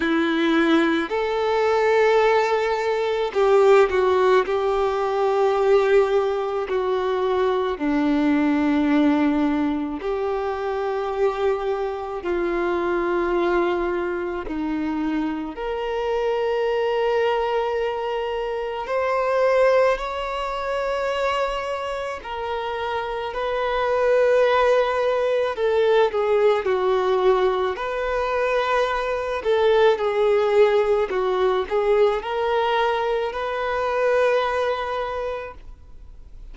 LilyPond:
\new Staff \with { instrumentName = "violin" } { \time 4/4 \tempo 4 = 54 e'4 a'2 g'8 fis'8 | g'2 fis'4 d'4~ | d'4 g'2 f'4~ | f'4 dis'4 ais'2~ |
ais'4 c''4 cis''2 | ais'4 b'2 a'8 gis'8 | fis'4 b'4. a'8 gis'4 | fis'8 gis'8 ais'4 b'2 | }